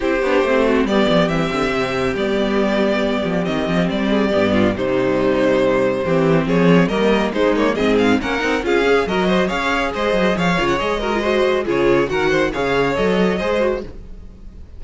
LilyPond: <<
  \new Staff \with { instrumentName = "violin" } { \time 4/4 \tempo 4 = 139 c''2 d''4 e''4~ | e''4 d''2. | dis''4 d''2 c''4~ | c''2. cis''4 |
dis''4 c''8 cis''8 dis''8 f''8 fis''4 | f''4 dis''4 f''4 dis''4 | f''8. fis''16 dis''2 cis''4 | fis''4 f''4 dis''2 | }
  \new Staff \with { instrumentName = "violin" } { \time 4/4 g'4. fis'8 g'2~ | g'1~ | g'4. gis'8 g'8 f'8 dis'4~ | dis'2 g'4 gis'4 |
ais'4 dis'4 gis'4 ais'4 | gis'4 ais'8 c''8 cis''4 c''4 | cis''4. ais'8 c''4 gis'4 | ais'8 c''8 cis''2 c''4 | }
  \new Staff \with { instrumentName = "viola" } { \time 4/4 e'8 d'8 c'4 b4 c'4~ | c'4 b2. | c'2 b4 g4~ | g2 c'2 |
ais4 gis8 ais8 c'4 cis'8 dis'8 | f'8 gis'8 fis'4 gis'2~ | gis'8 f'8 gis'8 fis'16 f'16 fis'4 f'4 | fis'4 gis'4 a'4 gis'8 fis'8 | }
  \new Staff \with { instrumentName = "cello" } { \time 4/4 c'8 b8 a4 g8 f8 e8 d8 | c4 g2~ g8 f8 | dis8 f8 g4 g,4 c4~ | c2 e4 f4 |
g4 gis4 gis,4 ais8 c'8 | cis'4 fis4 cis'4 gis8 fis8 | f8 cis8 gis2 cis4 | dis4 cis4 fis4 gis4 | }
>>